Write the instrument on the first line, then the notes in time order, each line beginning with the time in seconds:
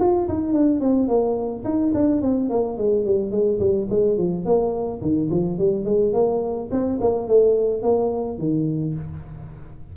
tuba
0.00 F4
0.28 D#4
0.53 D4
0.80 C4
1.08 A#3
1.64 D#4
1.94 D4
2.21 C4
2.50 A#3
2.78 G#3
3.05 G3
3.31 G#3
3.60 G3
3.90 G#3
4.18 F3
4.45 A#3
5.02 D#3
5.30 F3
5.58 G3
5.85 G#3
6.13 A#3
6.71 C4
7.01 A#3
7.27 A3
7.82 A#3
8.38 D#3